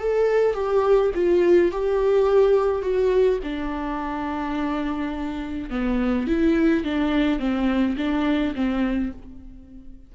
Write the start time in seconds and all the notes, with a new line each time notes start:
0.00 A4
0.55 G4
1.15 F4
1.72 G4
2.83 F#4
3.44 D4
5.71 B3
6.28 E4
6.85 D4
7.39 C4
7.98 D4
8.56 C4